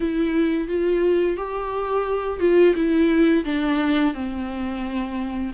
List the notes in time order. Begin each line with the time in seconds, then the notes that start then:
0.00 E4
0.68 F4
1.36 G4
2.39 F4
2.75 E4
3.45 D4
4.13 C4